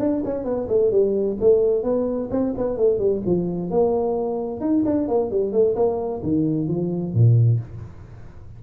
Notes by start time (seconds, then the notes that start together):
0.00 D4
0.25 C#4
0.45 B3
0.69 A3
0.92 G3
1.41 A3
1.84 B3
2.31 C4
2.58 B3
2.78 A3
2.99 G3
3.26 F3
3.71 A#3
4.61 D#4
4.86 D4
5.09 A#3
5.31 G3
5.53 A3
5.76 A#3
6.23 D#3
6.69 F3
7.14 A#2